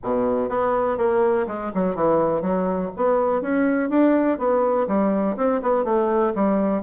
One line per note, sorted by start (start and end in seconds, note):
0.03 0.49 B2
0.49 0.97 B3
0.97 1.46 A#3
1.47 1.71 G#3
1.74 1.95 F#3
1.95 2.41 E3
2.41 2.90 F#3
2.96 3.41 B3
3.41 3.89 C#4
3.89 4.38 D4
4.38 4.87 B3
4.87 5.36 G3
5.36 5.61 C4
5.62 5.84 B3
5.84 6.33 A3
6.35 6.82 G3